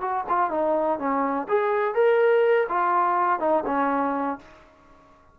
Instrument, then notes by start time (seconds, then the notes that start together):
trombone
0.00 F#4
0.29 F4
0.50 D#4
0.99 C#4
1.48 G#4
1.94 A#4
2.69 F4
3.39 D#4
3.66 C#4